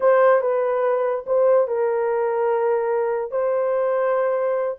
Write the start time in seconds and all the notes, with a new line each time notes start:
0.00 C5
0.41 B4
1.26 C5
1.67 A#4
3.31 C5